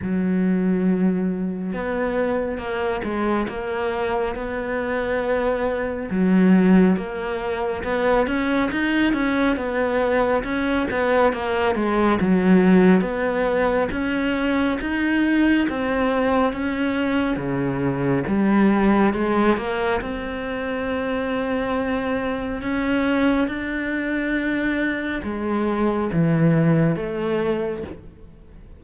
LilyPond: \new Staff \with { instrumentName = "cello" } { \time 4/4 \tempo 4 = 69 fis2 b4 ais8 gis8 | ais4 b2 fis4 | ais4 b8 cis'8 dis'8 cis'8 b4 | cis'8 b8 ais8 gis8 fis4 b4 |
cis'4 dis'4 c'4 cis'4 | cis4 g4 gis8 ais8 c'4~ | c'2 cis'4 d'4~ | d'4 gis4 e4 a4 | }